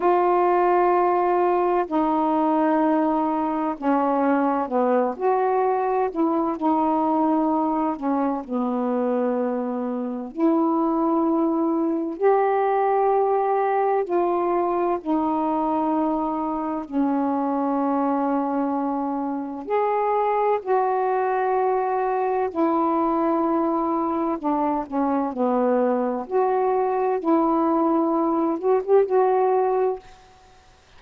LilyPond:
\new Staff \with { instrumentName = "saxophone" } { \time 4/4 \tempo 4 = 64 f'2 dis'2 | cis'4 b8 fis'4 e'8 dis'4~ | dis'8 cis'8 b2 e'4~ | e'4 g'2 f'4 |
dis'2 cis'2~ | cis'4 gis'4 fis'2 | e'2 d'8 cis'8 b4 | fis'4 e'4. fis'16 g'16 fis'4 | }